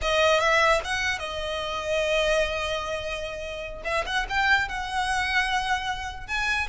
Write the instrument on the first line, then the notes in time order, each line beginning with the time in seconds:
violin
0.01 D#5
0.40 E5
0.84 F#5
1.18 D#5
3.84 E5
4.06 F#5
4.29 G5
4.68 F#5
6.27 G#5